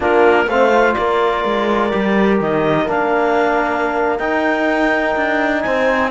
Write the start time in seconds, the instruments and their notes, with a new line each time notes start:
0.00 cello A#3, trombone D4, horn F4, clarinet A#4
0.46 cello A3, trombone C4, horn C5, clarinet F5
0.71 trombone F4
0.93 cello A#3, horn A#4, clarinet D5
1.44 cello G#3
1.90 cello G3, trombone G4
2.40 cello D#3, clarinet D#5
2.87 cello A#3, trombone D4, clarinet F5
4.18 cello D#4, trombone D#4, clarinet G5
5.16 cello D4
5.61 cello C4, horn C5, clarinet G#5